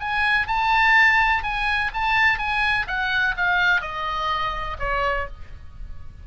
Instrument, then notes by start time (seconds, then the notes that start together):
oboe
0.00 G#5
0.48 A5
1.43 G#5
1.94 A5
2.39 G#5
2.88 F#5
3.37 F5
3.81 D#5
4.80 C#5